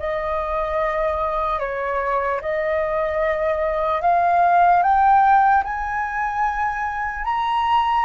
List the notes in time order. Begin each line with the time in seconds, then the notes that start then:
0.00 D#5
1.60 C#5
2.42 D#5
4.02 F5
4.83 G5
5.64 G#5
7.25 A#5